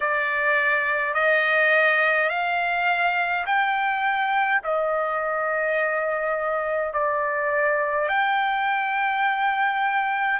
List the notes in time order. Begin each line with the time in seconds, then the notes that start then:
0.00 D5
1.13 D#5
2.29 F5
3.46 G5
4.63 D#5
6.93 D5
8.08 G5